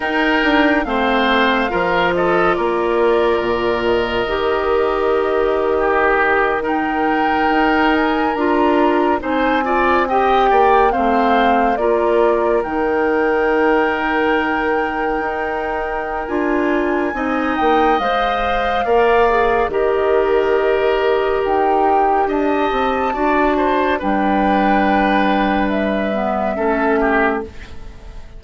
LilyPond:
<<
  \new Staff \with { instrumentName = "flute" } { \time 4/4 \tempo 4 = 70 g''4 f''4. dis''8 d''4~ | d''8 dis''2.~ dis''16 g''16~ | g''4~ g''16 gis''8 ais''4 gis''4 g''16~ | g''8. f''4 d''4 g''4~ g''16~ |
g''2. gis''4~ | gis''8 g''8 f''2 dis''4~ | dis''4 g''4 a''2 | g''2 e''2 | }
  \new Staff \with { instrumentName = "oboe" } { \time 4/4 ais'4 c''4 ais'8 a'8 ais'4~ | ais'2~ ais'8. g'4 ais'16~ | ais'2~ ais'8. c''8 d''8 dis''16~ | dis''16 d''8 c''4 ais'2~ ais'16~ |
ais'1 | dis''2 d''4 ais'4~ | ais'2 dis''4 d''8 c''8 | b'2. a'8 g'8 | }
  \new Staff \with { instrumentName = "clarinet" } { \time 4/4 dis'4 c'4 f'2~ | f'4 g'2~ g'8. dis'16~ | dis'4.~ dis'16 f'4 dis'8 f'8 g'16~ | g'8. c'4 f'4 dis'4~ dis'16~ |
dis'2. f'4 | dis'4 c''4 ais'8 gis'8 g'4~ | g'2. fis'4 | d'2~ d'8 b8 cis'4 | }
  \new Staff \with { instrumentName = "bassoon" } { \time 4/4 dis'8 d'8 a4 f4 ais4 | ais,4 dis2.~ | dis8. dis'4 d'4 c'4~ c'16~ | c'16 ais8 a4 ais4 dis4~ dis16~ |
dis4.~ dis16 dis'4~ dis'16 d'4 | c'8 ais8 gis4 ais4 dis4~ | dis4 dis'4 d'8 c'8 d'4 | g2. a4 | }
>>